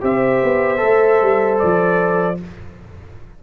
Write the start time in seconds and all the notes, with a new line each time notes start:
0.00 C4 G4 C5 E5
0.42 B3
0.77 A3 A4
1.21 G3
1.59 F3 D5